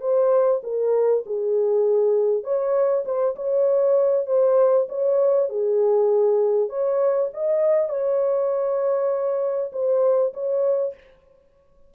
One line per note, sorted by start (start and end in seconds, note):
0.00 0.61 C5
0.63 1.23 A#4
1.25 2.43 G#4
2.43 3.04 C#5
3.05 3.35 C5
3.35 4.26 C#5
4.26 4.87 C5
4.88 5.49 C#5
5.49 6.69 G#4
6.69 7.29 C#5
7.33 7.89 D#5
7.89 9.71 C#5
9.72 10.33 C5
10.33 10.94 C#5